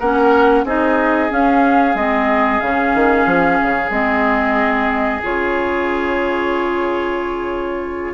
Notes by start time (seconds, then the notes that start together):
0.00 A#3 C#4 A#4 F#5
0.65 C4 D#4 G#4 D#5
1.30 C#4 F5
1.95 G#3 C4 D#5
2.61 C#3 C#4 F5
2.95 D#3
3.26 F3
3.63 C#3
3.91 G#3 C4 D#5
5.23 C#3 F4 C#5